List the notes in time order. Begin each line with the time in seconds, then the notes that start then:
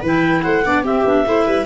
0.00 E3 E4 B4
0.07 G5
0.43 A3 C5 F#5
0.65 B3 D4 D5
0.84 C4 G4 E5
1.05 B3 D4
1.26 A3 E4 C5
1.46 G3 B4